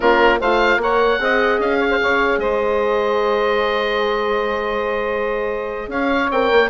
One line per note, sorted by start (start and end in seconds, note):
0.00 0.41 A#3
0.00 0.39 C#4
0.00 0.39 F4
0.00 0.38 A#4
0.39 0.77 A3
0.39 0.82 F4
0.39 0.79 C5
0.39 0.81 F5
0.77 1.17 A#3
0.77 1.19 A#4
0.77 1.21 C#5
0.77 1.60 F#5
1.19 1.59 C4
1.19 6.29 G#4
1.19 1.79 D#5
1.59 1.99 C#4
1.59 2.39 F5
1.79 1.89 C#5
1.89 1.99 C5
2.01 2.37 C#3
2.01 2.40 C#5
2.37 5.87 G#3
2.37 5.90 C5
2.37 5.89 D#5
5.87 6.27 C#4
5.87 6.70 C#5
5.87 6.31 F5
6.30 6.50 C4
6.30 6.70 A#4
6.30 6.70 G5
6.52 6.70 A#3